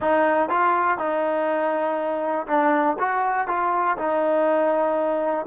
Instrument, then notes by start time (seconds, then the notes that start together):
trombone
0.00 D#4
0.49 F4
0.98 D#4
2.47 D4
2.99 F#4
3.47 F4
3.97 D#4